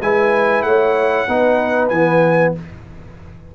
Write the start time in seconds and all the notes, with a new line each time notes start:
0.00 G#3 E4 B4 G#5
0.62 A3 C#5 F#5
1.28 B3 D#4 B4
1.89 E3 B3 G#5